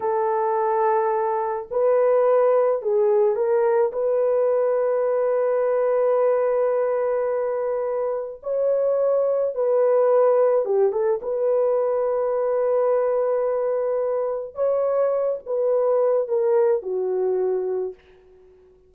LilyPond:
\new Staff \with { instrumentName = "horn" } { \time 4/4 \tempo 4 = 107 a'2. b'4~ | b'4 gis'4 ais'4 b'4~ | b'1~ | b'2. cis''4~ |
cis''4 b'2 g'8 a'8 | b'1~ | b'2 cis''4. b'8~ | b'4 ais'4 fis'2 | }